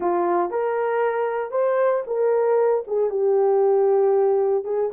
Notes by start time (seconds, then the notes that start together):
0.00 F4
0.50 A#4
1.51 C5
2.06 A#4
2.87 G#4
3.09 G4
4.64 G#4